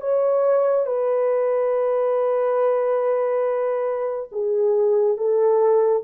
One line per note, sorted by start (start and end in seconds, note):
0.00 0.86 C#5
0.86 4.29 B4
4.31 5.17 G#4
5.17 6.03 A4